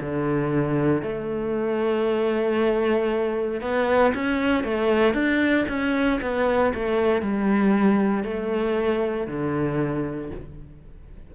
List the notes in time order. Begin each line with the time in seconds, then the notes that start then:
0.00 D3
1.02 A3
3.61 B3
4.14 C#4
4.64 A3
5.13 D4
5.68 C#4
6.21 B3
6.74 A3
7.22 G3
8.24 A3
9.27 D3